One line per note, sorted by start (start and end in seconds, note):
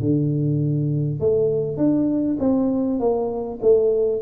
0.00 1.20 D3
1.20 1.77 A3
1.77 2.37 D4
2.39 2.99 C4
2.99 3.59 A#3
3.62 4.21 A3